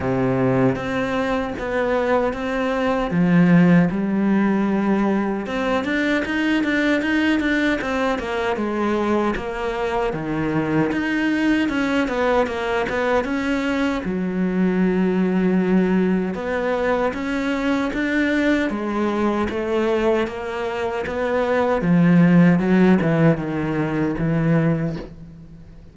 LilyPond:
\new Staff \with { instrumentName = "cello" } { \time 4/4 \tempo 4 = 77 c4 c'4 b4 c'4 | f4 g2 c'8 d'8 | dis'8 d'8 dis'8 d'8 c'8 ais8 gis4 | ais4 dis4 dis'4 cis'8 b8 |
ais8 b8 cis'4 fis2~ | fis4 b4 cis'4 d'4 | gis4 a4 ais4 b4 | f4 fis8 e8 dis4 e4 | }